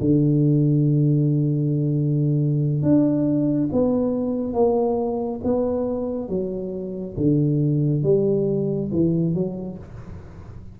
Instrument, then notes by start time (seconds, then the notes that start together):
tuba
0.00 D3
2.82 D4
3.72 B3
4.53 A#3
5.43 B3
6.28 F#3
7.17 D3
8.03 G3
8.92 E3
9.34 F#3